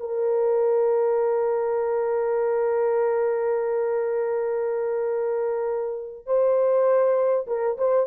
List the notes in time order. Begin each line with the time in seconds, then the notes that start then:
0.00 A#4
6.26 C5
7.47 A#4
7.78 C5